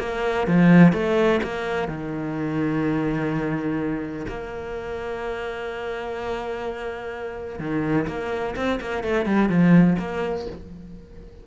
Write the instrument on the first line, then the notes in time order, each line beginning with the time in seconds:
cello
0.00 A#3
0.48 F3
0.93 A3
1.44 A#3
1.88 D#3
4.28 A#3
7.60 D#3
8.08 A#3
8.56 C4
8.81 A#3
9.04 A3
9.26 G3
9.50 F3
9.99 A#3